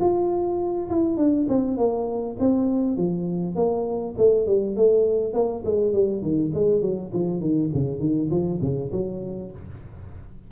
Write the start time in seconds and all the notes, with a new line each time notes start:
0.00 F4
0.89 E4
1.16 D4
1.48 C4
1.77 A#3
2.39 C4
2.97 F3
3.55 A#3
4.17 A3
4.46 G3
4.76 A3
5.33 A#3
5.65 G#3
5.93 G3
6.22 D#3
6.54 G#3
6.81 F#3
7.12 F3
7.40 D#3
7.73 C#3
7.99 D#3
8.30 F3
8.61 C#3
8.91 F#3